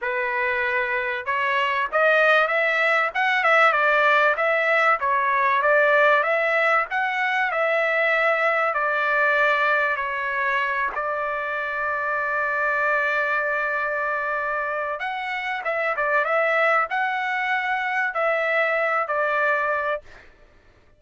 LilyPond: \new Staff \with { instrumentName = "trumpet" } { \time 4/4 \tempo 4 = 96 b'2 cis''4 dis''4 | e''4 fis''8 e''8 d''4 e''4 | cis''4 d''4 e''4 fis''4 | e''2 d''2 |
cis''4. d''2~ d''8~ | d''1 | fis''4 e''8 d''8 e''4 fis''4~ | fis''4 e''4. d''4. | }